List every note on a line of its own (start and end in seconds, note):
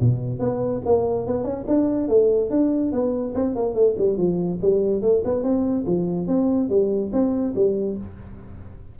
0.00 0.39 B2
0.39 0.81 B3
0.85 1.26 A#3
1.26 1.43 B3
1.43 1.64 C#4
1.67 2.08 D4
2.08 2.50 A3
2.50 2.92 D4
2.92 3.34 B3
3.34 3.55 C4
3.55 3.74 A#3
3.74 3.95 A3
3.98 4.17 G3
4.17 4.59 F3
4.61 5.01 G3
5.01 5.22 A3
5.24 5.43 B3
5.43 5.85 C4
5.86 6.27 F3
6.27 6.69 C4
6.69 7.11 G3
7.12 7.54 C4
7.55 7.97 G3